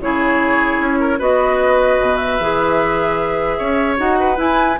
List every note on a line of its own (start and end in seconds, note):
0.00 0.79 C#3
0.00 1.18 E4
0.00 0.99 G#4
0.00 1.20 C#5
0.79 1.19 C#4
0.99 1.18 A#4
1.18 2.00 B3
1.18 2.38 F#4
1.18 3.58 B4
1.18 2.16 D#5
2.00 2.40 B2
2.16 3.96 E5
2.40 3.59 E3
2.40 3.97 G#4
3.58 3.99 C#4
3.58 4.18 C#5
3.97 4.37 D#4
3.97 4.36 F#4
3.97 4.38 F#5
4.19 4.79 B4
4.36 4.75 E4
4.36 4.77 E4
4.36 4.79 G#5